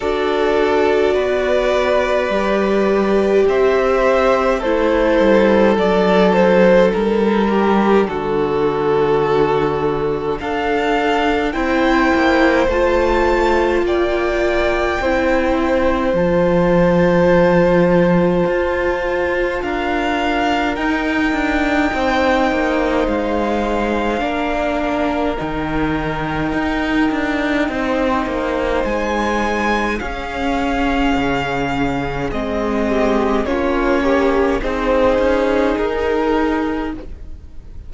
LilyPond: <<
  \new Staff \with { instrumentName = "violin" } { \time 4/4 \tempo 4 = 52 d''2. e''4 | c''4 d''8 c''8 ais'4 a'4~ | a'4 f''4 g''4 a''4 | g''2 a''2~ |
a''4 f''4 g''2 | f''2 g''2~ | g''4 gis''4 f''2 | dis''4 cis''4 c''4 ais'4 | }
  \new Staff \with { instrumentName = "violin" } { \time 4/4 a'4 b'2 c''4 | a'2~ a'8 g'8 fis'4~ | fis'4 a'4 c''2 | d''4 c''2.~ |
c''4 ais'2 c''4~ | c''4 ais'2. | c''2 gis'2~ | gis'8 g'8 f'8 g'8 gis'2 | }
  \new Staff \with { instrumentName = "viola" } { \time 4/4 fis'2 g'2 | e'4 d'2.~ | d'2 e'4 f'4~ | f'4 e'4 f'2~ |
f'2 dis'2~ | dis'4 d'4 dis'2~ | dis'2 cis'2 | c'4 cis'4 dis'2 | }
  \new Staff \with { instrumentName = "cello" } { \time 4/4 d'4 b4 g4 c'4 | a8 g8 fis4 g4 d4~ | d4 d'4 c'8 ais8 a4 | ais4 c'4 f2 |
f'4 d'4 dis'8 d'8 c'8 ais8 | gis4 ais4 dis4 dis'8 d'8 | c'8 ais8 gis4 cis'4 cis4 | gis4 ais4 c'8 cis'8 dis'4 | }
>>